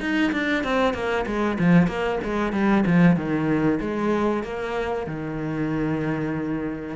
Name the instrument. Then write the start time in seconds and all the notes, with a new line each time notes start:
cello
0.00 D#4
0.32 D4
0.63 C4
0.93 A#3
1.26 G#3
1.58 F3
1.87 A#3
2.23 G#3
2.52 G3
2.86 F3
3.16 D#3
3.80 G#3
4.43 A#3
5.06 D#3